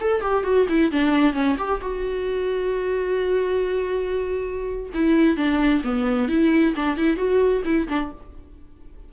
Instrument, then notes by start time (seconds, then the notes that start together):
viola
0.00 A4
0.21 G4
0.44 F#4
0.69 E4
0.92 D4
1.33 C#4
1.58 G4
1.81 F#4
4.94 E4
5.37 D4
5.84 B3
6.29 E4
6.75 D4
6.97 E4
7.17 F#4
7.65 E4
7.88 D4